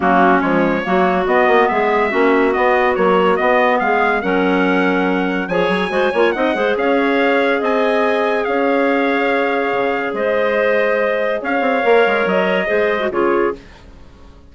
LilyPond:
<<
  \new Staff \with { instrumentName = "trumpet" } { \time 4/4 \tempo 4 = 142 fis'4 cis''2 dis''4 | e''2 dis''4 cis''4 | dis''4 f''4 fis''2~ | fis''4 gis''2 fis''4 |
f''2 gis''2 | f''1 | dis''2. f''4~ | f''4 dis''2 cis''4 | }
  \new Staff \with { instrumentName = "clarinet" } { \time 4/4 cis'2 fis'2 | gis'4 fis'2.~ | fis'4 gis'4 ais'2~ | ais'4 cis''4 c''8 cis''8 dis''8 c''8 |
cis''2 dis''2 | cis''1 | c''2. cis''4~ | cis''2 c''4 gis'4 | }
  \new Staff \with { instrumentName = "clarinet" } { \time 4/4 ais4 gis4 ais4 b4~ | b4 cis'4 b4 fis4 | b2 cis'2~ | cis'4 gis'4 fis'8 f'8 dis'8 gis'8~ |
gis'1~ | gis'1~ | gis'1 | ais'2 gis'8. fis'16 f'4 | }
  \new Staff \with { instrumentName = "bassoon" } { \time 4/4 fis4 f4 fis4 b8 ais8 | gis4 ais4 b4 ais4 | b4 gis4 fis2~ | fis4 f8 fis8 gis8 ais8 c'8 gis8 |
cis'2 c'2 | cis'2. cis4 | gis2. cis'8 c'8 | ais8 gis8 fis4 gis4 cis4 | }
>>